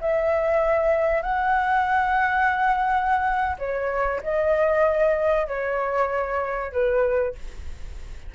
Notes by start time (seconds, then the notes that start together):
0.00 E5
1.22 F#5
3.58 C#5
4.22 D#5
5.47 C#5
6.72 B4